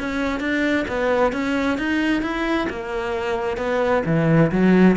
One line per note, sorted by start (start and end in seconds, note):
0.00 0.41 C#4
0.41 0.86 D4
0.88 1.33 B3
1.33 1.78 C#4
1.79 2.23 D#4
2.23 2.68 E4
2.70 3.58 A#3
3.58 4.03 B3
4.06 4.51 E3
4.52 4.97 F#3